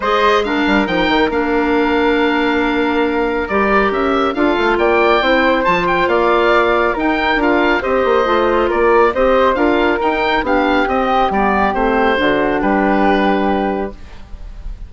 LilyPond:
<<
  \new Staff \with { instrumentName = "oboe" } { \time 4/4 \tempo 4 = 138 dis''4 f''4 g''4 f''4~ | f''1 | d''4 e''4 f''4 g''4~ | g''4 a''8 g''8 f''2 |
g''4 f''4 dis''2 | d''4 dis''4 f''4 g''4 | f''4 dis''4 d''4 c''4~ | c''4 b'2. | }
  \new Staff \with { instrumentName = "flute" } { \time 4/4 c''4 ais'2.~ | ais'1~ | ais'2 a'4 d''4 | c''2 d''2 |
ais'2 c''2 | ais'4 c''4 ais'2 | g'1 | fis'4 g'2. | }
  \new Staff \with { instrumentName = "clarinet" } { \time 4/4 gis'4 d'4 dis'4 d'4~ | d'1 | g'2 f'2 | e'4 f'2. |
dis'4 f'4 g'4 f'4~ | f'4 g'4 f'4 dis'4 | d'4 c'4 b4 c'4 | d'1 | }
  \new Staff \with { instrumentName = "bassoon" } { \time 4/4 gis4. g8 f8 dis8 ais4~ | ais1 | g4 cis'4 d'8 a8 ais4 | c'4 f4 ais2 |
dis'4 d'4 c'8 ais8 a4 | ais4 c'4 d'4 dis'4 | b4 c'4 g4 a4 | d4 g2. | }
>>